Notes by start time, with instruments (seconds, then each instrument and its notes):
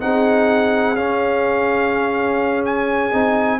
0.00 tuba C4, trombone D#4, horn G#4, trumpet F#5
0.96 tuba C#4, trombone C#4, trumpet F5
2.65 trumpet G#5
3.12 tuba C4, trombone D#4